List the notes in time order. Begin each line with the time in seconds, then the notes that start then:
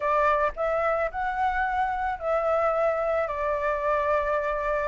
0.00 D5
0.56 E5
1.11 F#5
2.19 E5
3.27 D5